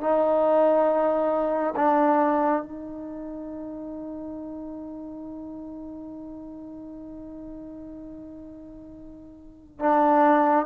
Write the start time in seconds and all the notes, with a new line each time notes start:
0.00 D#4
1.75 D4
2.62 D#4
9.79 D4